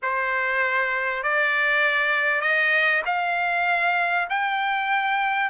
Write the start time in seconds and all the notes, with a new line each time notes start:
0.02 C5
1.23 D5
2.41 D#5
3.05 F5
4.29 G5